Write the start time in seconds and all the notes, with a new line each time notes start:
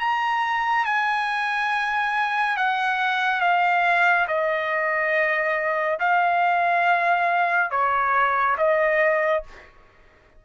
0.00 A#5
0.86 G#5
2.57 F#5
3.41 F5
4.28 D#5
6.00 F5
7.71 C#5
8.58 D#5